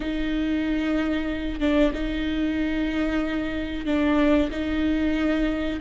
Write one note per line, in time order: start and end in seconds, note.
0.00 1.60 D#4
1.60 1.92 D4
1.93 3.85 D#4
3.85 4.50 D4
4.50 5.79 D#4